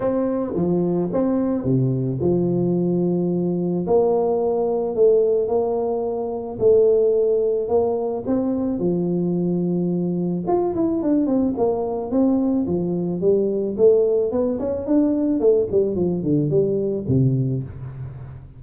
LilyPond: \new Staff \with { instrumentName = "tuba" } { \time 4/4 \tempo 4 = 109 c'4 f4 c'4 c4 | f2. ais4~ | ais4 a4 ais2 | a2 ais4 c'4 |
f2. f'8 e'8 | d'8 c'8 ais4 c'4 f4 | g4 a4 b8 cis'8 d'4 | a8 g8 f8 d8 g4 c4 | }